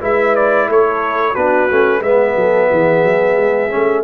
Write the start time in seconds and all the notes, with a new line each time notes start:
0.00 G#3 E4 B4 E5
0.36 D5
0.68 A3 A4 C#5
1.32 B3 D4 F#4 B4
1.70 A3 C#4
2.01 G#3 B3 B4 E5
2.36 F#3 A4
2.70 E3 G#4
3.04 F#3
3.37 G#3
3.70 A3 C#4